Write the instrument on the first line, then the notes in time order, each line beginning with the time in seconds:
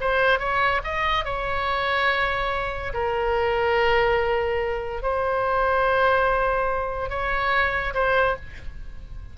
oboe
0.00 C5
0.39 C#5
0.84 D#5
1.25 C#5
2.93 A#4
5.02 C5
7.09 C#5
7.94 C5